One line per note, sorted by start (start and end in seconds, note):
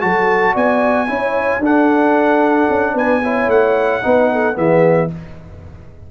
0.00 0.55 F#3
0.00 1.07 F#4
0.00 0.53 A4
0.00 0.54 A5
0.53 1.09 B3
0.53 1.06 D5
0.53 1.63 G#5
1.07 1.59 C#4
1.07 1.61 E4
1.07 1.61 C#5
1.59 2.66 D4
1.59 3.22 D4
1.59 2.94 A4
1.59 2.97 F#5
2.69 2.94 C#4
2.94 3.47 B3
2.94 3.21 B4
2.94 3.50 G#5
3.23 4.02 E4
3.23 4.03 C#5
3.47 4.01 A3
3.47 4.57 F#5
4.02 4.56 B3
4.02 4.54 D#4
4.02 4.32 B4
4.32 4.56 A4
4.54 5.10 E3
4.54 5.07 B3
4.54 5.10 G#4
4.54 5.11 E5